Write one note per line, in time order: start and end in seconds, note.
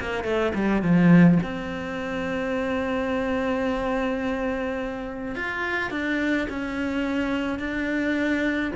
0.00 0.24 A#3
0.24 0.52 A3
0.54 0.82 G3
0.82 1.38 F3
1.43 5.35 C4
5.35 5.90 F4
5.90 6.47 D4
6.49 7.59 C#4
7.59 8.72 D4